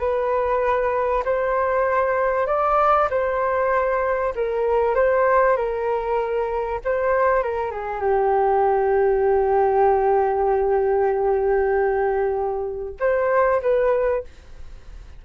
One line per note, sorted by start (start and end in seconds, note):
0.00 1.24 B4
1.25 2.47 C5
2.47 3.09 D5
3.10 4.34 C5
4.36 4.95 A#4
4.95 5.57 C5
5.57 6.81 A#4
6.85 7.43 C5
7.43 7.72 A#4
7.72 8.01 G#4
8.01 12.96 G4
13.00 13.62 C5
13.62 14.24 B4